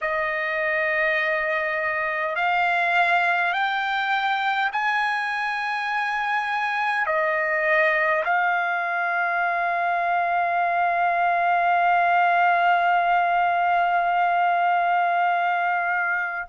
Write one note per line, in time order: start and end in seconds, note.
0.01 2.35 D#5
2.35 3.52 F5
3.52 4.70 G5
4.72 7.06 G#5
7.06 8.24 D#5
8.24 16.48 F5